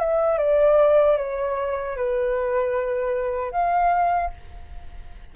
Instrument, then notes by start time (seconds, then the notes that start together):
flute
0.00 E5
0.38 D5
1.18 C#5
1.97 B4
3.52 F5